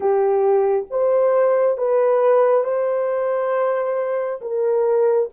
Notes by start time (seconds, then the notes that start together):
0.00 G4
0.90 C5
1.77 B4
2.64 C5
4.41 A#4